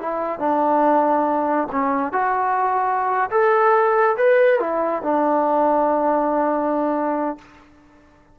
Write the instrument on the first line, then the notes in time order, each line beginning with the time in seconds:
trombone
0.00 E4
0.40 D4
1.72 C#4
2.13 F#4
3.31 A4
4.17 B4
4.60 E4
5.02 D4